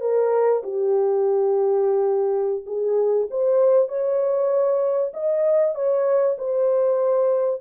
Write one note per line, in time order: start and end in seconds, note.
0.00 0.62 A#4
0.63 2.64 G4
2.66 3.28 G#4
3.30 3.88 C5
3.88 5.12 C#5
5.13 5.74 D#5
5.74 6.36 C#5
6.38 7.61 C5